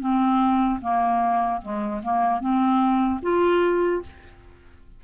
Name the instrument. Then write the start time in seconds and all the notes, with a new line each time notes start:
clarinet
0.00 C4
0.81 A#3
1.62 G#3
2.03 A#3
2.40 C4
3.22 F4